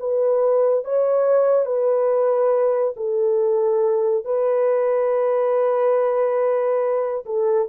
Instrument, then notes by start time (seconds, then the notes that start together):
horn
0.00 B4
0.85 C#5
1.66 B4
2.97 A4
4.25 B4
7.26 A4